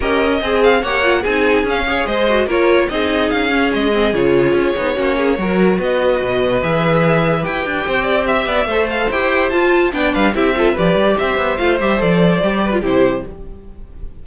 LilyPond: <<
  \new Staff \with { instrumentName = "violin" } { \time 4/4 \tempo 4 = 145 dis''4. f''8 fis''4 gis''4 | f''4 dis''4 cis''4 dis''4 | f''4 dis''4 cis''2~ | cis''2 dis''2 |
e''2 g''2 | e''4. f''8 g''4 a''4 | g''8 f''8 e''4 d''4 e''4 | f''8 e''8 d''2 c''4 | }
  \new Staff \with { instrumentName = "violin" } { \time 4/4 ais'4 gis'4 cis''4 gis'4~ | gis'8 cis''8 c''4 ais'4 gis'4~ | gis'1 | fis'8 gis'8 ais'4 b'2~ |
b'2. c''8 d''8 | e''8 d''8 c''2. | d''8 b'8 g'8 a'8 b'4 c''4~ | c''2~ c''8 b'8 g'4 | }
  \new Staff \with { instrumentName = "viola" } { \time 4/4 g'4 gis'4 g'8 f'8 dis'4 | cis'8 gis'4 fis'8 f'4 dis'4~ | dis'8 cis'4 c'8 f'4. dis'8 | cis'4 fis'2. |
gis'2 g'2~ | g'4 a'4 g'4 f'4 | d'4 e'8 f'8 g'2 | f'8 g'8 a'4 g'8. f'16 e'4 | }
  \new Staff \with { instrumentName = "cello" } { \time 4/4 cis'4 c'4 ais4 c'4 | cis'4 gis4 ais4 c'4 | cis'4 gis4 cis4 cis'8 b8 | ais4 fis4 b4 b,4 |
e2 e'8 d'8 c'4~ | c'8 b8 a4 e'4 f'4 | b8 g8 c'4 f8 g8 c'8 b8 | a8 g8 f4 g4 c4 | }
>>